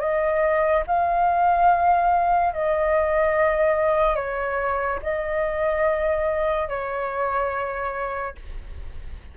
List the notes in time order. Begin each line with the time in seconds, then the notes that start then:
0.00 D#5
0.87 F5
2.54 D#5
4.16 C#5
5.02 D#5
6.69 C#5